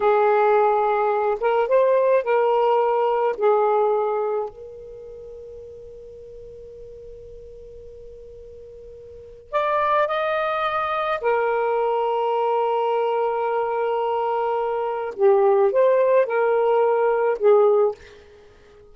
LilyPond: \new Staff \with { instrumentName = "saxophone" } { \time 4/4 \tempo 4 = 107 gis'2~ gis'8 ais'8 c''4 | ais'2 gis'2 | ais'1~ | ais'1~ |
ais'4 d''4 dis''2 | ais'1~ | ais'2. g'4 | c''4 ais'2 gis'4 | }